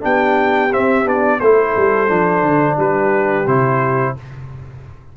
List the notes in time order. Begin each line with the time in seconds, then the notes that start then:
0.00 B3 D4 G4 G5
0.72 C4 E5
1.04 B3 D4 D5
1.40 A3 E4 A4 C5
1.76 G3
2.07 F3 D4
2.42 D3
2.76 G3 G4 B4
3.45 C3 E4 C5